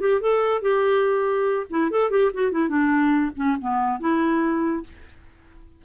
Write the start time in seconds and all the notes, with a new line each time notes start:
0.00 G4
0.21 A4
0.62 G4
1.70 E4
1.91 A4
2.10 G4
2.33 F#4
2.52 E4
2.69 D4
3.36 C#4
3.61 B3
4.00 E4